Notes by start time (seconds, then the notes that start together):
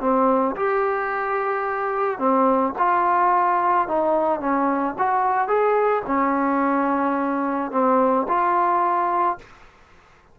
0.00 C4
0.56 G4
2.18 C4
2.78 F4
3.88 D#4
4.40 C#4
4.98 F#4
5.47 G#4
6.06 C#4
7.71 C4
8.28 F4